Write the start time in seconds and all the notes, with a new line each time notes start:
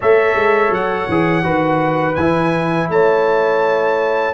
0.00 A3 A4 C#5 E5
0.35 G#3
0.70 F#3 F#5
1.09 E3 G#4
1.42 D#3 F#4 B4
2.15 E3 E4 G#5
2.89 A3 C#5 A5